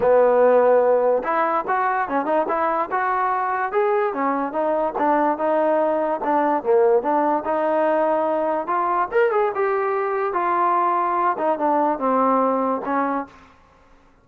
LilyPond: \new Staff \with { instrumentName = "trombone" } { \time 4/4 \tempo 4 = 145 b2. e'4 | fis'4 cis'8 dis'8 e'4 fis'4~ | fis'4 gis'4 cis'4 dis'4 | d'4 dis'2 d'4 |
ais4 d'4 dis'2~ | dis'4 f'4 ais'8 gis'8 g'4~ | g'4 f'2~ f'8 dis'8 | d'4 c'2 cis'4 | }